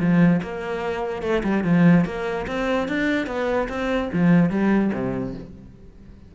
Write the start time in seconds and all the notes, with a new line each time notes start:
0.00 F3
0.43 A#3
1.22 A3
1.44 G3
1.64 F3
2.05 A#3
2.47 C4
2.88 D4
3.27 B3
3.69 C4
4.13 F3
4.50 G3
4.94 C3